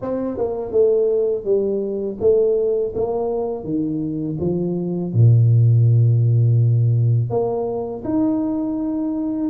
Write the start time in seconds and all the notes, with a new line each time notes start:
0.01 C4
0.37 A#3
0.71 A3
1.44 G3
2.20 A3
2.95 A#3
3.64 D#3
4.39 F3
5.13 A#2
7.30 A#3
8.04 D#4